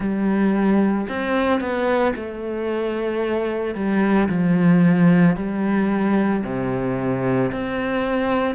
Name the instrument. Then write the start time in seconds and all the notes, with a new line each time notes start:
cello
0.00 G3
1.08 C4
1.60 B3
2.15 A3
3.75 G3
4.29 F3
5.36 G3
6.44 C3
7.52 C4